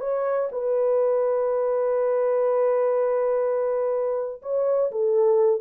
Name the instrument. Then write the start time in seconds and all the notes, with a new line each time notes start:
horn
0.00 C#5
0.51 B4
4.42 C#5
4.91 A4